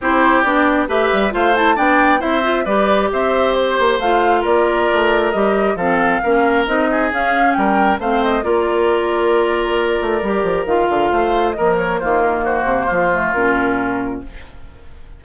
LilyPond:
<<
  \new Staff \with { instrumentName = "flute" } { \time 4/4 \tempo 4 = 135 c''4 d''4 e''4 f''8 a''8 | g''4 e''4 d''4 e''4 | c''4 f''4 d''2 | dis''4 f''2 dis''4 |
f''4 g''4 f''8 dis''8 d''4~ | d''1 | f''2 dis''8 cis''8 c''8 ais'8 | c''2 ais'2 | }
  \new Staff \with { instrumentName = "oboe" } { \time 4/4 g'2 b'4 c''4 | d''4 c''4 b'4 c''4~ | c''2 ais'2~ | ais'4 a'4 ais'4. gis'8~ |
gis'4 ais'4 c''4 ais'4~ | ais'1~ | ais'4 c''4 ais'4 f'4 | fis'4 f'2. | }
  \new Staff \with { instrumentName = "clarinet" } { \time 4/4 e'4 d'4 g'4 f'8 e'8 | d'4 e'8 f'8 g'2~ | g'4 f'2. | g'4 c'4 cis'4 dis'4 |
cis'2 c'4 f'4~ | f'2. g'4 | f'2 f4 ais4~ | ais4. a8 cis'2 | }
  \new Staff \with { instrumentName = "bassoon" } { \time 4/4 c'4 b4 a8 g8 a4 | b4 c'4 g4 c'4~ | c'8 ais8 a4 ais4 a4 | g4 f4 ais4 c'4 |
cis'4 g4 a4 ais4~ | ais2~ ais8 a8 g8 f8 | dis8 d8 a4 ais4 dis4~ | dis8 c8 f4 ais,2 | }
>>